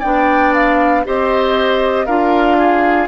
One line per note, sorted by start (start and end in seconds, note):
0.00 1.06 B3
0.00 1.05 D4
0.00 1.02 D5
0.00 0.54 G5
0.55 1.06 F5
1.06 2.07 C4
1.06 2.07 G4
1.06 2.06 C5
1.06 2.06 D#5
2.06 3.08 D4
2.06 3.08 F4
2.06 2.57 A#4
2.06 3.08 F5
2.58 3.08 G#4